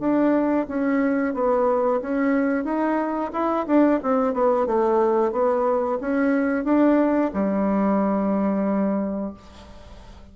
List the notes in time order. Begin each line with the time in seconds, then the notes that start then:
0.00 D4
0.68 C#4
1.34 B3
2.01 C#4
2.65 D#4
3.33 E4
3.67 D4
4.03 C4
4.34 B3
4.67 A3
5.32 B3
6.01 C#4
6.65 D4
7.34 G3